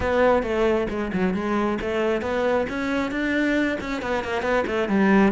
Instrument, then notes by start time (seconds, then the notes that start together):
cello
0.00 B3
0.42 A3
0.89 G#3
1.13 F#3
1.33 G#3
1.81 A3
2.21 B3
2.69 C#4
3.11 D4
3.80 C#4
4.01 B3
4.24 A#3
4.42 B3
4.66 A3
4.88 G3